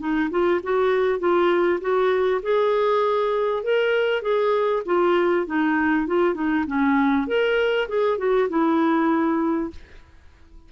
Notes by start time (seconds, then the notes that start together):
0.00 D#4
0.31 F4
0.64 F#4
1.20 F4
1.81 F#4
2.43 G#4
3.64 A#4
4.23 G#4
4.86 F4
5.47 D#4
6.07 F4
6.35 D#4
6.67 C#4
7.28 A#4
7.89 G#4
8.18 F#4
8.50 E4